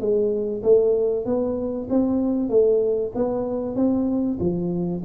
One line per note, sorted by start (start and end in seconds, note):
0.00 0.62 G#3
0.63 1.25 A3
1.25 1.88 B3
1.89 2.49 C4
2.49 3.12 A3
3.15 3.76 B3
3.76 4.38 C4
4.39 5.02 F3